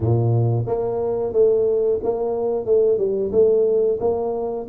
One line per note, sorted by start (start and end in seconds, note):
0.00 0.65 A#2
0.67 1.32 A#3
1.32 1.99 A3
2.03 2.65 A#3
2.65 2.98 A3
2.98 3.31 G3
3.32 3.98 A3
4.00 4.66 A#3